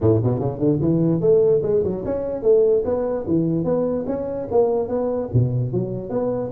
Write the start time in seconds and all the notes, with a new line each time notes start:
0.00 A2
0.23 B2
0.39 C#3
0.59 D3
0.81 E3
1.20 A3
1.62 G#3
1.83 F#3
2.05 C#4
2.42 A3
2.84 B3
3.27 E3
3.64 B3
4.06 C#4
4.51 A#3
4.88 B3
5.33 B2
5.72 F#3
6.09 B3